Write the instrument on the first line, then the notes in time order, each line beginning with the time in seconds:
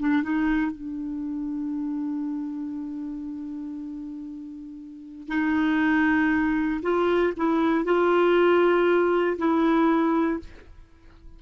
clarinet
0.00 D4
0.23 D#4
0.72 D4
5.29 D#4
6.83 F4
7.37 E4
7.85 F4
9.38 E4